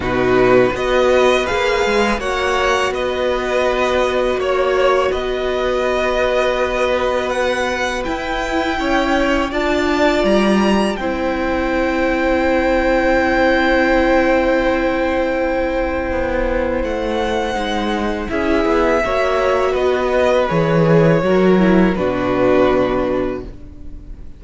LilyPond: <<
  \new Staff \with { instrumentName = "violin" } { \time 4/4 \tempo 4 = 82 b'4 dis''4 f''4 fis''4 | dis''2 cis''4 dis''4~ | dis''2 fis''4 g''4~ | g''4 a''4 ais''4 g''4~ |
g''1~ | g''2. fis''4~ | fis''4 e''2 dis''4 | cis''2 b'2 | }
  \new Staff \with { instrumentName = "violin" } { \time 4/4 fis'4 b'2 cis''4 | b'2 cis''4 b'4~ | b'1 | cis''4 d''2 c''4~ |
c''1~ | c''1~ | c''4 gis'4 cis''4 b'4~ | b'4 ais'4 fis'2 | }
  \new Staff \with { instrumentName = "viola" } { \time 4/4 dis'4 fis'4 gis'4 fis'4~ | fis'1~ | fis'2. e'4~ | e'4 f'2 e'4~ |
e'1~ | e'1 | dis'4 e'4 fis'2 | gis'4 fis'8 e'8 d'2 | }
  \new Staff \with { instrumentName = "cello" } { \time 4/4 b,4 b4 ais8 gis8 ais4 | b2 ais4 b4~ | b2. e'4 | cis'4 d'4 g4 c'4~ |
c'1~ | c'2 b4 a4 | gis4 cis'8 b8 ais4 b4 | e4 fis4 b,2 | }
>>